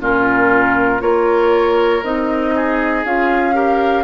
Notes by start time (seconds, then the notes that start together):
0.00 A#2 C#4 F4 A#4
1.00 A#3 F4 A#4 C#5
2.03 C4 D#4 D#5
2.56 G#4
3.05 C#4 F4 F5
3.54 G4 A#4